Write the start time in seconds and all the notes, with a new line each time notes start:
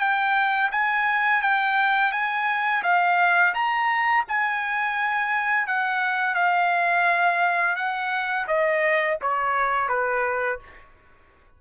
0.00 G5
0.72 G#5
1.42 G5
2.12 G#5
2.83 F5
3.55 A#5
4.28 G#5
5.67 F#5
6.35 F5
7.76 F#5
8.47 D#5
9.21 C#5
9.89 B4